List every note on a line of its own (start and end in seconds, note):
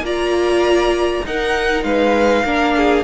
0.00 1.20 A#3
0.00 1.24 F4
0.00 1.25 D5
0.00 1.26 A#5
1.25 1.84 D#4
1.25 2.46 D#4
1.25 1.85 A#4
1.25 1.84 F#5
1.84 2.44 G#3
1.84 2.44 B4
1.84 3.04 F5
2.44 3.04 A#3
2.44 3.04 D4
2.44 2.74 A#4
2.76 3.04 G#4